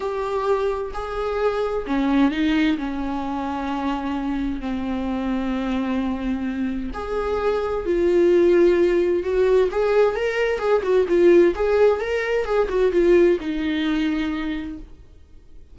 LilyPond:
\new Staff \with { instrumentName = "viola" } { \time 4/4 \tempo 4 = 130 g'2 gis'2 | cis'4 dis'4 cis'2~ | cis'2 c'2~ | c'2. gis'4~ |
gis'4 f'2. | fis'4 gis'4 ais'4 gis'8 fis'8 | f'4 gis'4 ais'4 gis'8 fis'8 | f'4 dis'2. | }